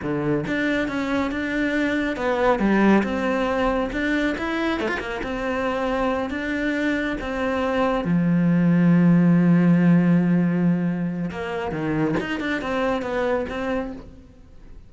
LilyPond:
\new Staff \with { instrumentName = "cello" } { \time 4/4 \tempo 4 = 138 d4 d'4 cis'4 d'4~ | d'4 b4 g4 c'4~ | c'4 d'4 e'4 a16 f'16 ais8 | c'2~ c'8 d'4.~ |
d'8 c'2 f4.~ | f1~ | f2 ais4 dis4 | dis'8 d'8 c'4 b4 c'4 | }